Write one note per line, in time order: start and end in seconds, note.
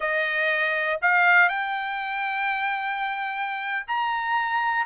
0.00 1.00 D#5
1.01 1.48 F5
1.48 3.86 G5
3.87 4.85 A#5